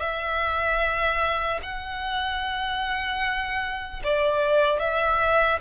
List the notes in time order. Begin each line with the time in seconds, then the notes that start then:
0.00 E5
1.63 F#5
4.04 D5
4.79 E5